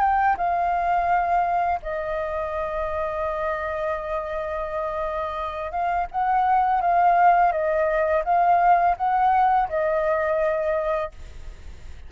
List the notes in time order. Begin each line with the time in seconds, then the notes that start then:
0.00 G5
0.37 F5
1.82 D#5
5.71 F5
6.11 F#5
6.81 F5
7.52 D#5
8.24 F5
8.96 F#5
9.69 D#5